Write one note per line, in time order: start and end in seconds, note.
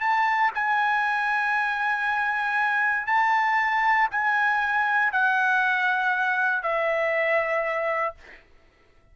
0.00 0.51 A5
0.54 3.06 G#5
3.06 4.08 A5
4.11 5.12 G#5
5.12 6.62 F#5
6.62 8.15 E5